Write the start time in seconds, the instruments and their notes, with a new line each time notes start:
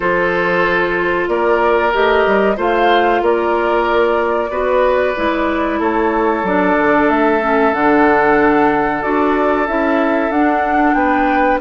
0.00 bassoon F3, clarinet F4, oboe A4, flute C5
1.27 bassoon A#3, oboe A#4, flute D5
1.92 bassoon A3, clarinet G4, flute D#5
2.26 bassoon G3
2.56 bassoon A3, clarinet F4, oboe C5, flute F5
3.21 bassoon A#3, oboe A#4, flute D5
4.49 bassoon B3, clarinet F#4, oboe B4
5.15 bassoon G#3, clarinet E4
5.79 bassoon A3, oboe A4, flute C#5
6.43 bassoon F#3, clarinet D4, flute D5
6.78 bassoon D3
7.08 bassoon A3, flute E5
7.41 clarinet C#4
7.72 bassoon D3, clarinet D4, flute F#5
9.01 bassoon D4, clarinet F#4, flute D5
9.67 bassoon C#4, clarinet E4, flute E5
10.30 bassoon D4, clarinet D4, flute F#5
10.94 bassoon B3, oboe B4, flute G5